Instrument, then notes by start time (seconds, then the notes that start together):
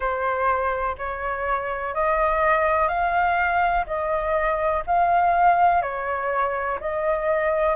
flute
0.00 C5
0.98 C#5
1.94 D#5
2.88 F5
3.86 D#5
4.86 F5
5.82 C#5
6.80 D#5